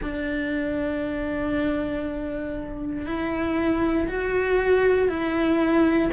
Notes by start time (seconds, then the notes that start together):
0.02 D4
3.06 E4
4.08 F#4
5.08 E4